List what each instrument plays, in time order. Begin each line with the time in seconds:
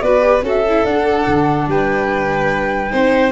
0.00 tuba B3, viola F#4, violin B4, flute D5
0.20 viola G4
0.42 tuba C#4, viola F#4, violin A4, flute E5
0.68 viola E4
0.83 tuba D4, viola D4, flute F#5
1.27 tuba D3
1.67 tuba G3, violin B4, flute G5
2.90 tuba C4, viola D#4, violin C5